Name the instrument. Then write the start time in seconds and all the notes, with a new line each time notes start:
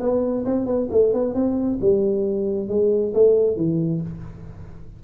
tuba
0.00 B3
0.45 C4
0.66 B3
0.91 A3
1.13 B3
1.34 C4
1.81 G3
2.68 G#3
3.14 A3
3.56 E3